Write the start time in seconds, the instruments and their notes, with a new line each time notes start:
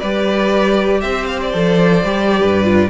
0.00 cello G3, viola G4, violin B4 D5
1.01 cello C4, violin C5 E5
1.27 violin F5
1.41 violin D5
1.53 cello F3, viola A4
2.04 cello G3, viola G4
2.40 cello G2, violin B4
2.64 viola F4